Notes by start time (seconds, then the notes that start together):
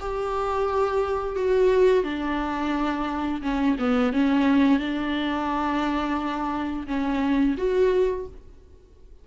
0.00 G4
1.36 F#4
2.04 D4
3.42 C#4
3.79 B3
4.13 C#4
4.79 D4
6.87 C#4
7.58 F#4